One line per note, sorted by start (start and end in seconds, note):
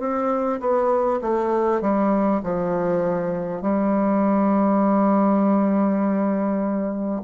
0.00 0.60 C4
0.61 1.21 B3
1.22 1.82 A3
1.82 2.42 G3
2.43 3.62 F3
3.62 7.22 G3